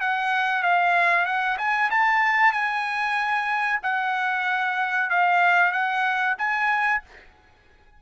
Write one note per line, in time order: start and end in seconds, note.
0.00 0.62 F#5
0.62 1.25 F5
1.25 1.57 F#5
1.58 1.90 G#5
1.90 2.52 A5
2.52 3.80 G#5
3.82 5.10 F#5
5.10 5.72 F5
5.72 6.35 F#5
6.38 7.02 G#5